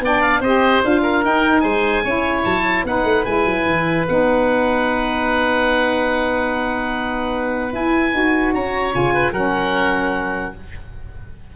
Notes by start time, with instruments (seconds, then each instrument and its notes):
0.00 tuba B3, saxophone D4, oboe D5 G5
0.22 oboe F5
0.41 tuba C4, saxophone G4, oboe C5 D#5
0.83 tuba D4, saxophone F4, oboe F5
1.03 oboe A#4
1.23 saxophone D#4, tuba D#4, oboe G5
1.61 tuba G#3, oboe C5 G#5
2.04 tuba C#4, saxophone E4, oboe C#5
2.45 tuba F#3, oboe A5
2.84 tuba B3, saxophone D#4, oboe B4 F#5
3.04 tuba A3
3.25 tuba G#3, saxophone E4, oboe G#5
3.46 tuba F#3
3.66 tuba E3
4.08 tuba B3, saxophone D#4, oboe F#5
7.71 saxophone E4, tuba E4, oboe G#5
8.12 tuba D#4, saxophone F#4
8.54 tuba C#4, oboe C#5 A#5
8.92 tuba C#3, saxophone F4, oboe G#5
9.14 oboe B4
9.32 tuba F#3, saxophone C#4, oboe A#4 F#5